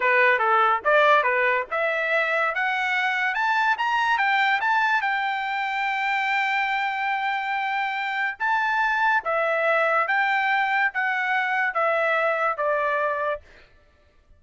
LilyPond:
\new Staff \with { instrumentName = "trumpet" } { \time 4/4 \tempo 4 = 143 b'4 a'4 d''4 b'4 | e''2 fis''2 | a''4 ais''4 g''4 a''4 | g''1~ |
g''1 | a''2 e''2 | g''2 fis''2 | e''2 d''2 | }